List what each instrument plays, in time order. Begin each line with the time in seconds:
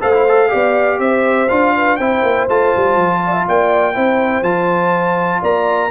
0.00 tuba A3, trombone A4, horn C5, trumpet F5
0.13 trombone E4
0.28 trombone A4
0.49 tuba B3, trombone G4, horn D5
0.99 tuba C4, horn C5, trumpet E5
1.49 tuba D4, trombone F4, trumpet F5
1.76 horn B4
1.96 tuba C4, trombone E4, horn C5, trumpet G5
2.23 tuba A#3
2.48 tuba A3, trombone F4, trumpet A5
2.76 tuba G3
2.96 tuba F3
3.25 horn D5
3.32 horn E5
3.47 tuba A#3, horn D5, trumpet G5
3.94 tuba C4, trombone E4, horn C5
4.42 tuba F3, trombone F4, trumpet A5
5.41 tuba A#3, horn D5, trumpet A#5